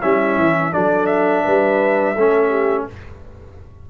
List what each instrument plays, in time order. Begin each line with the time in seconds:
0.00 tuba G3, trombone C#4, horn E4, trumpet E5
0.37 tuba E3
0.72 tuba F#3, trombone D4, horn A4, trumpet D5
1.06 trumpet E5
1.44 tuba G3, horn B4
2.15 tuba A3, trombone C#4, horn A4
2.49 horn G4